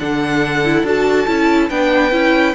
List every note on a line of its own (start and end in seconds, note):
0.00 0.83 D3
0.00 0.65 D4
0.00 1.70 A4
0.00 0.86 F#5
0.65 0.85 E4
0.83 1.26 D4
0.83 1.27 F#4
0.83 1.70 A5
1.27 1.70 C#4
1.27 1.70 E4
1.70 2.11 B3
1.70 2.11 D4
1.70 2.55 B4
1.70 2.55 G5
2.11 2.54 C#4
2.11 2.54 E4